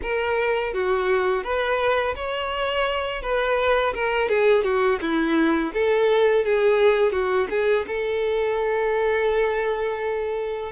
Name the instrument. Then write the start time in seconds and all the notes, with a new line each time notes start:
violin
0.02 A#4
0.73 F#4
1.43 B4
2.15 C#5
3.22 B4
3.94 A#4
4.28 G#4
4.63 F#4
5.01 E4
5.73 A4
6.44 G#4
7.12 F#4
7.49 G#4
7.87 A4